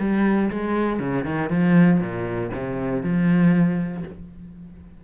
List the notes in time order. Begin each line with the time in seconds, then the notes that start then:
0.00 G3
0.50 G#3
0.99 C#3
1.25 D#3
1.50 F3
2.00 A#2
2.53 C3
3.03 F3